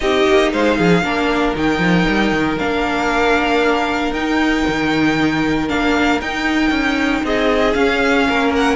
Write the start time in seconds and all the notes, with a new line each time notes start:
0.00 C4 D#4 G4 D#5
0.27 A#3
0.52 G#3 C5 F5
0.77 F3 G#4
1.02 A#3 D4 A#4
1.55 D#3 D#4 G5
1.79 F3
2.08 G3
2.32 D#3
2.58 A#3 D4 F5
4.11 D#4 G5
4.68 D#3
5.68 A#3 D4 F5
6.21 D#4 G5
6.70 C#4
7.23 C4 G#4 D#5
7.74 C#4 F5
8.28 A#3 A#4
8.55 F#5